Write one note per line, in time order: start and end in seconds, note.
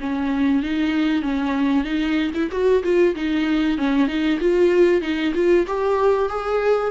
0.00 0.63 C#4
0.63 1.22 D#4
1.22 1.84 C#4
1.84 2.31 D#4
2.34 2.49 E4
2.51 2.83 F#4
2.83 3.14 F4
3.15 3.77 D#4
3.77 4.07 C#4
4.07 4.38 D#4
4.40 5.01 F4
5.01 5.33 D#4
5.34 5.66 F4
5.66 6.29 G4
6.29 6.91 G#4